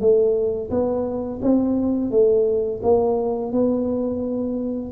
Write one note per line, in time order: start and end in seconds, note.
0.00 0.70 A3
0.70 1.40 B3
1.42 2.11 C4
2.11 2.81 A3
2.83 3.52 A#3
3.52 4.92 B3